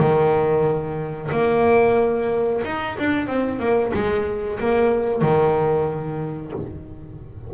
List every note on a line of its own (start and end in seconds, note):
0.00 1.30 D#3
1.32 2.62 A#3
2.65 2.98 D#4
2.99 3.28 D4
3.28 3.60 C4
3.60 3.92 A#3
3.94 4.59 G#3
4.60 5.22 A#3
5.22 6.53 D#3